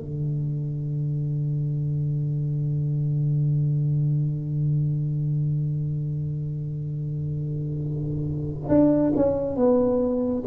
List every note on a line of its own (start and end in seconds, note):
0.00 8.68 D3
8.68 9.12 D4
9.16 9.56 C#4
9.56 10.43 B3